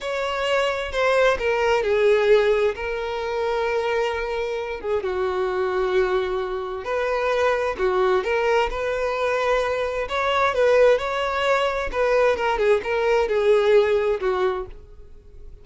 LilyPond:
\new Staff \with { instrumentName = "violin" } { \time 4/4 \tempo 4 = 131 cis''2 c''4 ais'4 | gis'2 ais'2~ | ais'2~ ais'8 gis'8 fis'4~ | fis'2. b'4~ |
b'4 fis'4 ais'4 b'4~ | b'2 cis''4 b'4 | cis''2 b'4 ais'8 gis'8 | ais'4 gis'2 fis'4 | }